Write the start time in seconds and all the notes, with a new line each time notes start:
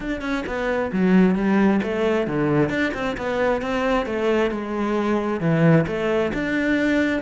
0.00 D4
0.21 C#4
0.46 B3
0.92 F#3
1.35 G3
1.83 A3
2.27 D3
2.69 D4
2.94 C4
3.17 B3
3.61 C4
4.06 A3
4.51 G#3
5.40 E3
5.86 A3
6.33 D4